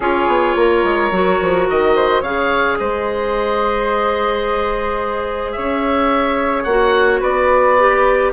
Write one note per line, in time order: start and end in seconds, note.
0.00 0.27 C#4
0.00 1.12 F4
0.00 0.55 G#4
0.00 1.68 C#5
0.27 0.55 B3
0.55 0.83 A#3
0.55 1.95 A#4
0.83 1.11 G#3
1.11 1.39 F#3
1.11 2.23 F#4
1.41 1.68 F3
1.69 2.22 D#3
1.69 2.23 D#5
1.95 2.21 C5
2.21 2.77 C#3
2.21 6.68 G#4
2.21 2.76 C#5
2.21 2.78 F5
2.78 5.57 G#3
2.78 5.56 C5
2.78 5.52 D#5
5.52 6.65 C#4
5.52 7.20 C#5
5.52 6.63 E5
6.63 7.20 A#3
6.63 7.78 F#4
6.63 7.19 F#5
7.20 8.32 B3
7.20 8.31 B4
7.20 8.32 D5
7.78 8.32 G4